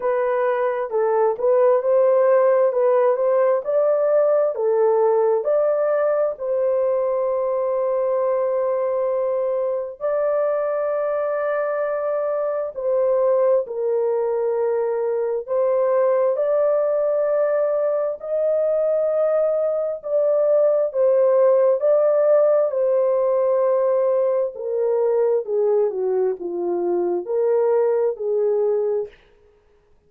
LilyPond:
\new Staff \with { instrumentName = "horn" } { \time 4/4 \tempo 4 = 66 b'4 a'8 b'8 c''4 b'8 c''8 | d''4 a'4 d''4 c''4~ | c''2. d''4~ | d''2 c''4 ais'4~ |
ais'4 c''4 d''2 | dis''2 d''4 c''4 | d''4 c''2 ais'4 | gis'8 fis'8 f'4 ais'4 gis'4 | }